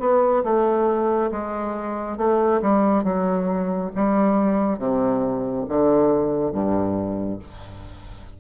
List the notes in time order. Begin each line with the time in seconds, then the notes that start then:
0.00 B3
0.44 A3
1.32 G#3
2.18 A3
2.62 G3
3.04 F#3
3.96 G3
4.79 C3
5.69 D3
6.53 G2